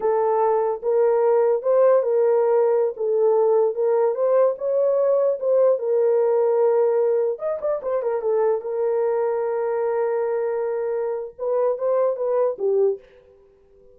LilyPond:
\new Staff \with { instrumentName = "horn" } { \time 4/4 \tempo 4 = 148 a'2 ais'2 | c''4 ais'2~ ais'16 a'8.~ | a'4~ a'16 ais'4 c''4 cis''8.~ | cis''4~ cis''16 c''4 ais'4.~ ais'16~ |
ais'2~ ais'16 dis''8 d''8 c''8 ais'16~ | ais'16 a'4 ais'2~ ais'8.~ | ais'1 | b'4 c''4 b'4 g'4 | }